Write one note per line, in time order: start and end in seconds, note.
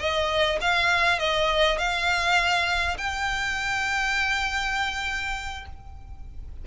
0.00 0.59 D#5
0.62 1.19 F5
1.19 1.78 D#5
1.78 2.97 F5
2.98 5.66 G5